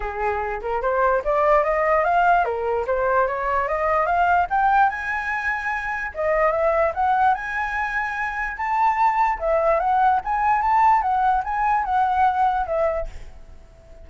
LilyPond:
\new Staff \with { instrumentName = "flute" } { \time 4/4 \tempo 4 = 147 gis'4. ais'8 c''4 d''4 | dis''4 f''4 ais'4 c''4 | cis''4 dis''4 f''4 g''4 | gis''2. dis''4 |
e''4 fis''4 gis''2~ | gis''4 a''2 e''4 | fis''4 gis''4 a''4 fis''4 | gis''4 fis''2 e''4 | }